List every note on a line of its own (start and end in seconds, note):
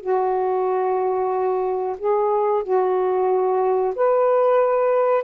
0.00 1.96 F#4
1.97 2.63 G#4
2.63 3.93 F#4
3.95 5.23 B4